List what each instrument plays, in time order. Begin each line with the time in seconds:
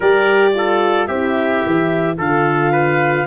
0.00 tuba G3, horn G4, trumpet A#4, clarinet D5
0.54 horn F4, trumpet A4
1.06 tuba C4, horn E4, trumpet G4, clarinet E5
1.65 tuba E3
2.17 tuba D3, horn F4, trumpet A4, clarinet F5
2.72 trumpet B4